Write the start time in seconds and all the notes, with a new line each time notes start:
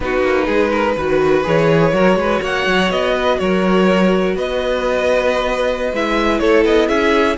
0.00 B3 D#4 F#4 B4
0.22 A#3
0.45 G#3 G#4
0.70 A#4
0.97 D#3 F#4 B4
1.43 E3 G#4 C#5
1.93 F#3 F#4 A#4
2.15 G#3 B4
2.41 A#3 C#5 F#5
2.66 F#3
2.90 B3 D#5
3.14 B4
3.38 F#3 A#4 C#5
4.35 B3 B4 D#5
5.92 G#3 E4 E5
6.39 A3 A4 C#5
6.64 B3 D#5
6.88 C#4 G#4 E5